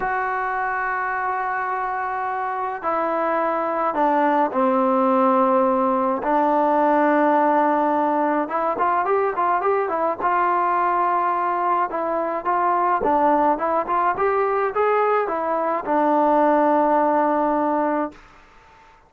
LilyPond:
\new Staff \with { instrumentName = "trombone" } { \time 4/4 \tempo 4 = 106 fis'1~ | fis'4 e'2 d'4 | c'2. d'4~ | d'2. e'8 f'8 |
g'8 f'8 g'8 e'8 f'2~ | f'4 e'4 f'4 d'4 | e'8 f'8 g'4 gis'4 e'4 | d'1 | }